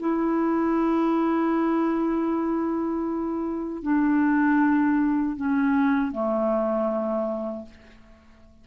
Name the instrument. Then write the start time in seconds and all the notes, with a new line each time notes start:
clarinet
0.00 E4
3.83 D4
5.37 C#4
6.12 A3